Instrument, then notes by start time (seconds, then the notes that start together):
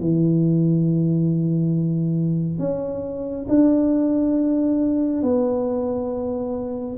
tuba
0.00 E3
2.59 C#4
3.48 D4
5.22 B3